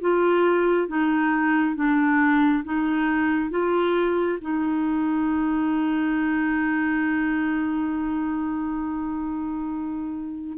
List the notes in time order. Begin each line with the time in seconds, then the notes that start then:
0.00 F4
0.87 D#4
1.75 D4
2.64 D#4
3.50 F4
4.40 D#4